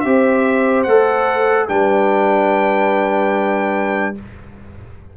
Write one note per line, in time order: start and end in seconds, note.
0.00 0.86 C4
0.00 0.87 G4
0.00 1.68 C5
0.00 0.82 E5
0.83 1.68 A3
0.83 1.68 A4
0.83 1.66 F#5
1.68 4.16 G3
1.68 4.15 D4
1.68 4.17 B4
1.68 4.15 G5